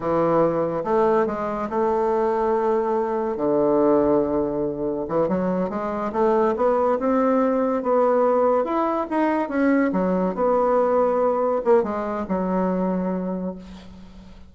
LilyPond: \new Staff \with { instrumentName = "bassoon" } { \time 4/4 \tempo 4 = 142 e2 a4 gis4 | a1 | d1 | e8 fis4 gis4 a4 b8~ |
b8 c'2 b4.~ | b8 e'4 dis'4 cis'4 fis8~ | fis8 b2. ais8 | gis4 fis2. | }